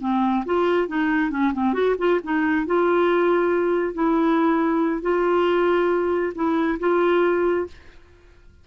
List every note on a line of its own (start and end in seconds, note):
0.00 0.44 C4
0.45 0.87 F4
0.87 1.30 D#4
1.30 1.52 C#4
1.53 1.73 C4
1.73 1.95 F#4
1.98 2.20 F4
2.23 2.66 D#4
2.66 3.94 F4
3.94 5.01 E4
5.01 6.33 F4
6.34 6.78 E4
6.79 7.66 F4